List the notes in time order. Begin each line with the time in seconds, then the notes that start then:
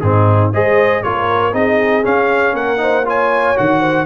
0.00 G#2 C4 D#4 G#4
0.53 G#3 G#4 C5 D#5
1.03 A#3 F4 A#4 C#5
1.52 C4 D#4 G#4 D#5
2.03 C#4 F5
2.53 A#3 A#4 F#5
2.77 D#4 C5
3.05 F4 C#5 G#5
3.55 D#3 F#4 F#5
3.80 C5